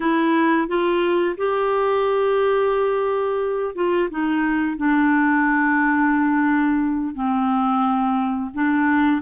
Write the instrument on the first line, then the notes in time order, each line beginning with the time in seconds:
clarinet
0.00 E4
0.68 F4
1.37 G4
3.75 F4
4.10 D#4
4.77 D4
7.14 C4
8.54 D4